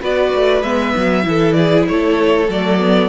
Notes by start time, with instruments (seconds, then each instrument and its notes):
0.00 cello B3, viola F#4, violin B4 D5
0.35 cello A3
0.62 cello G#3, viola B3, violin E5
0.96 cello F#3
1.23 cello E3, viola E4, violin A4
1.53 violin G#4 D5
1.88 cello A3, violin A4 C#5
2.48 cello F#3, viola A3, violin D5
2.79 viola B3